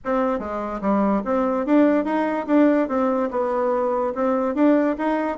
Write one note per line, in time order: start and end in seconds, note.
0.05 0.39 C4
0.39 0.80 G#3
0.81 1.22 G3
1.25 1.66 C4
1.66 2.04 D4
2.04 2.46 D#4
2.47 2.88 D4
2.88 3.29 C4
3.30 4.13 B3
4.14 4.54 C4
4.54 4.96 D4
4.98 5.37 D#4